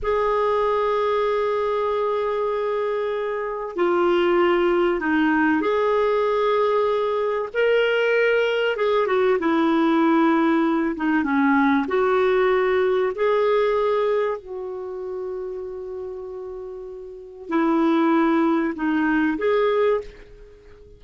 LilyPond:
\new Staff \with { instrumentName = "clarinet" } { \time 4/4 \tempo 4 = 96 gis'1~ | gis'2 f'2 | dis'4 gis'2. | ais'2 gis'8 fis'8 e'4~ |
e'4. dis'8 cis'4 fis'4~ | fis'4 gis'2 fis'4~ | fis'1 | e'2 dis'4 gis'4 | }